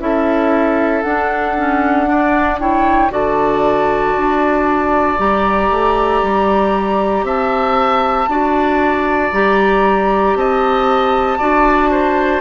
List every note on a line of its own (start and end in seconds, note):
0.00 1.03 C#4
0.00 1.03 E4
0.00 2.09 A4
0.00 1.02 E5
1.02 1.56 D4
1.02 3.11 D4
1.02 2.58 F#5
1.57 2.06 C#4
2.06 2.58 D4
2.06 2.61 D5
2.60 3.10 E4
2.60 3.12 C#5
2.60 3.12 G5
3.10 4.14 D3
3.10 5.17 F#4
3.10 7.25 D5
3.10 5.19 A5
4.17 5.19 D4
5.18 5.70 G3
5.18 8.28 G4
5.18 7.26 A#5
5.70 6.22 A3
6.23 7.23 G3
7.23 8.27 C4
7.23 8.29 E5
7.23 9.33 A5
8.28 9.31 D4
8.28 9.33 F#4
8.28 10.38 D5
9.33 10.35 G3
9.33 11.39 G4
9.33 10.36 A#5
10.35 11.39 C4
10.35 11.39 D#5
10.35 12.41 A5
11.39 12.41 D4
11.39 12.41 F#4
11.39 11.90 D5
11.91 12.41 C5